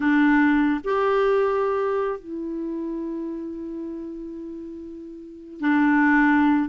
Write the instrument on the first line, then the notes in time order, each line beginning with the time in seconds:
clarinet
0.00 D4
0.84 G4
2.19 E4
5.60 D4